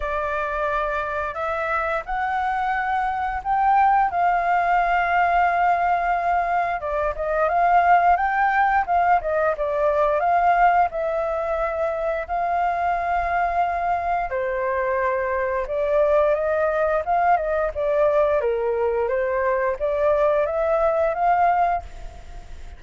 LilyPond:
\new Staff \with { instrumentName = "flute" } { \time 4/4 \tempo 4 = 88 d''2 e''4 fis''4~ | fis''4 g''4 f''2~ | f''2 d''8 dis''8 f''4 | g''4 f''8 dis''8 d''4 f''4 |
e''2 f''2~ | f''4 c''2 d''4 | dis''4 f''8 dis''8 d''4 ais'4 | c''4 d''4 e''4 f''4 | }